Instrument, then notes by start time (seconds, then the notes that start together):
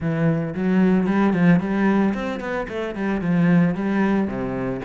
cello
0.00 E3
0.54 F#3
1.06 G3
1.33 F3
1.59 G3
2.14 C4
2.40 B3
2.68 A3
2.95 G3
3.21 F3
3.75 G3
4.27 C3